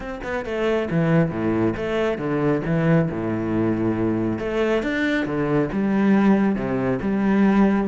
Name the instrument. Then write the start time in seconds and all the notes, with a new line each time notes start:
cello
0.00 C4
0.23 B3
0.45 A3
0.90 E3
1.30 A2
1.76 A3
2.17 D3
2.65 E3
3.11 A2
4.39 A3
4.82 D4
5.25 D3
5.72 G3
6.55 C3
7.01 G3